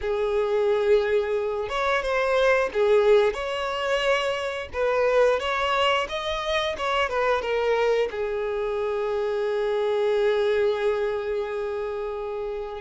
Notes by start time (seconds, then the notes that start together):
0.01 G#4
1.69 C#5
2.02 C5
2.73 G#4
3.33 C#5
4.73 B4
5.39 C#5
6.08 D#5
6.77 C#5
7.09 B4
7.41 A#4
8.10 G#4